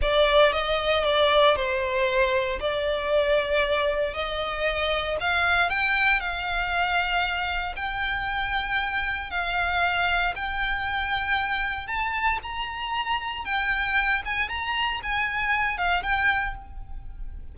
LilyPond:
\new Staff \with { instrumentName = "violin" } { \time 4/4 \tempo 4 = 116 d''4 dis''4 d''4 c''4~ | c''4 d''2. | dis''2 f''4 g''4 | f''2. g''4~ |
g''2 f''2 | g''2. a''4 | ais''2 g''4. gis''8 | ais''4 gis''4. f''8 g''4 | }